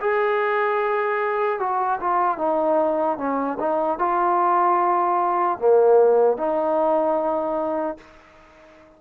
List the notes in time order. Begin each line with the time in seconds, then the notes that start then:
0.00 G#4
1.59 F#4
2.00 F4
2.38 D#4
3.18 C#4
3.59 D#4
3.98 F4
5.59 A#3
6.37 D#4